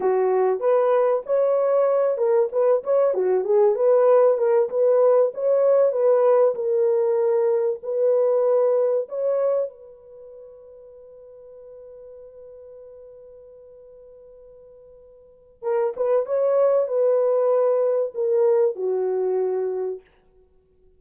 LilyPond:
\new Staff \with { instrumentName = "horn" } { \time 4/4 \tempo 4 = 96 fis'4 b'4 cis''4. ais'8 | b'8 cis''8 fis'8 gis'8 b'4 ais'8 b'8~ | b'8 cis''4 b'4 ais'4.~ | ais'8 b'2 cis''4 b'8~ |
b'1~ | b'1~ | b'4 ais'8 b'8 cis''4 b'4~ | b'4 ais'4 fis'2 | }